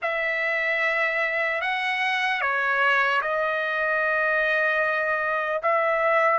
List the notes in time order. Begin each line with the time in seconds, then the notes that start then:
0.02 E5
1.61 F#5
2.41 C#5
3.21 D#5
5.62 E5